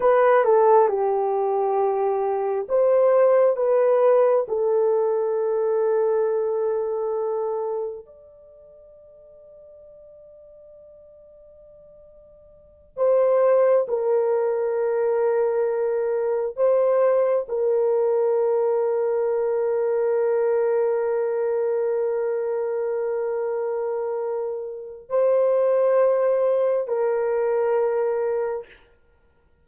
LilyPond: \new Staff \with { instrumentName = "horn" } { \time 4/4 \tempo 4 = 67 b'8 a'8 g'2 c''4 | b'4 a'2.~ | a'4 d''2.~ | d''2~ d''8 c''4 ais'8~ |
ais'2~ ais'8 c''4 ais'8~ | ais'1~ | ais'1 | c''2 ais'2 | }